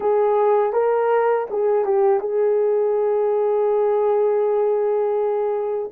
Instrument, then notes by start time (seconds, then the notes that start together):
horn
0.00 G#4
0.72 A#4
1.50 G#4
1.85 G4
2.20 G#4